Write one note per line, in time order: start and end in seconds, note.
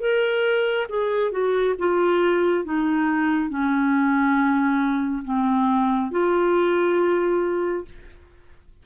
0.00 0.87 A#4
0.89 1.32 G#4
1.32 1.75 F#4
1.79 2.65 F4
2.65 3.50 D#4
3.50 5.24 C#4
5.25 6.11 C4
6.11 7.85 F4